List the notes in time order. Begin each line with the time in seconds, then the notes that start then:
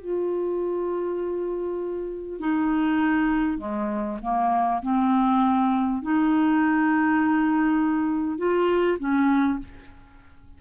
0.00 F4
2.40 D#4
3.58 G#3
4.22 A#3
4.82 C4
6.02 D#4
8.38 F4
8.99 C#4